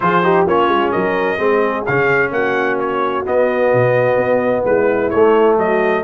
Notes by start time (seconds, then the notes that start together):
0.00 F3 F4 G#4 C5
0.23 D#4 G4
0.46 A#3 C#4 F4 C#5
0.68 G#3
0.91 F#3 A#4 D#5
1.38 G#3 C4 G#4
1.85 C#3 C#4 F5
2.30 A#3 F#4 F#5
2.79 C#5
3.24 B3 D#5
3.73 B2
4.16 B3
4.65 G#3 E4 B4
5.09 A3 C#5
5.56 F#3 F#4 D#5